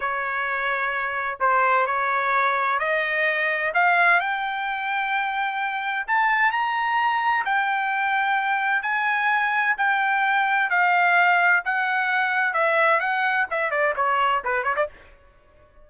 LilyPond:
\new Staff \with { instrumentName = "trumpet" } { \time 4/4 \tempo 4 = 129 cis''2. c''4 | cis''2 dis''2 | f''4 g''2.~ | g''4 a''4 ais''2 |
g''2. gis''4~ | gis''4 g''2 f''4~ | f''4 fis''2 e''4 | fis''4 e''8 d''8 cis''4 b'8 cis''16 d''16 | }